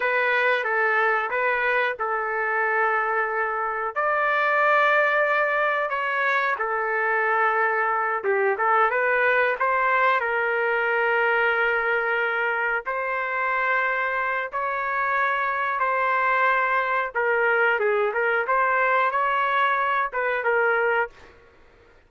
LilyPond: \new Staff \with { instrumentName = "trumpet" } { \time 4/4 \tempo 4 = 91 b'4 a'4 b'4 a'4~ | a'2 d''2~ | d''4 cis''4 a'2~ | a'8 g'8 a'8 b'4 c''4 ais'8~ |
ais'2.~ ais'8 c''8~ | c''2 cis''2 | c''2 ais'4 gis'8 ais'8 | c''4 cis''4. b'8 ais'4 | }